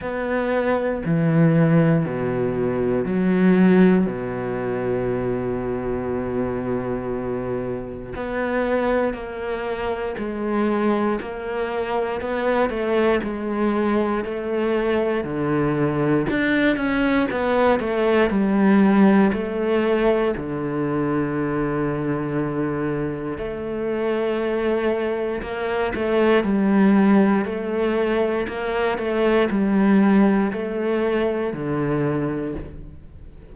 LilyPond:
\new Staff \with { instrumentName = "cello" } { \time 4/4 \tempo 4 = 59 b4 e4 b,4 fis4 | b,1 | b4 ais4 gis4 ais4 | b8 a8 gis4 a4 d4 |
d'8 cis'8 b8 a8 g4 a4 | d2. a4~ | a4 ais8 a8 g4 a4 | ais8 a8 g4 a4 d4 | }